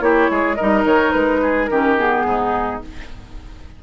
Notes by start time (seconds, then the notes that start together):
0.00 A#3 E4 G4 C#5
0.31 G#3 G#4
0.55 D#4 A#4 D#5
0.62 G3
0.85 D#3 C#5
1.12 G#3 B4
1.42 G#4
1.66 D#3 C#4 G4 A#4
1.98 B3 G#4
2.25 G#2 D#4